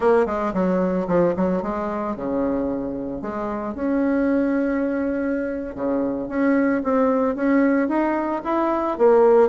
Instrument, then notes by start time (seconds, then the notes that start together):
bassoon
0.00 A#3
0.26 G#3
0.53 F#3
1.07 F3
1.36 F#3
1.62 G#3
2.16 C#3
3.21 G#3
3.75 C#4
5.75 C#3
6.28 C#4
6.83 C4
7.35 C#4
7.88 D#4
8.44 E4
8.98 A#3